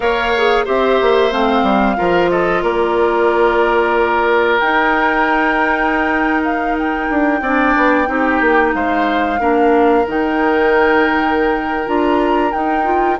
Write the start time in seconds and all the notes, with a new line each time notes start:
0.00 A#3 A#4 C#5 F5
0.36 G#4
0.65 C4 G4 C5 E5
1.01 A#3
1.31 A3 C4 F5
1.62 G3
1.96 F3 F4 A#4
2.30 A4 D#5
2.62 A#3 A#4 D5
4.59 D#4 G5
6.44 F5
6.78 G5
7.09 D4
7.41 C4 D4 D5
7.76 B3
8.06 C4 D#4 G4
8.40 A#3
8.74 G#3 C5 F5
9.39 A#3 D4 A#4
10.07 D#3 D#4 G5
11.86 D4 F4 A#5
12.51 D#4 G5
12.84 F4